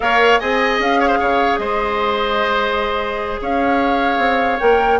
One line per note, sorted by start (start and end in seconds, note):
0.00 0.41 A#3
0.00 0.40 A#4
0.00 0.39 C#5
0.00 0.39 F5
0.39 0.79 C4
0.39 4.60 G#4
0.39 0.99 D#5
0.39 0.79 G#5
0.79 1.19 C#4
0.79 1.57 F5
0.99 1.07 C#5
1.07 1.17 C5
1.19 1.58 C#3
1.19 1.59 C#5
1.57 3.38 G#3
1.57 3.40 C5
1.57 3.37 D#5
3.41 4.18 C#4
3.41 5.00 C#5
3.41 4.59 F5
4.18 4.58 C4
4.59 5.00 A#3
4.59 5.00 A#4
4.59 4.99 G5